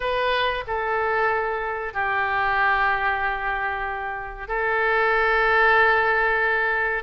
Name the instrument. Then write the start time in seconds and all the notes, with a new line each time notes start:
oboe
0.00 B4
0.67 A4
1.93 G4
4.48 A4